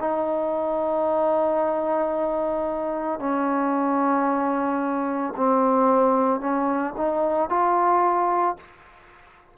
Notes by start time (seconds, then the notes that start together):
0.00 D#4
3.19 C#4
5.37 C4
6.40 C#4
6.97 D#4
7.50 F4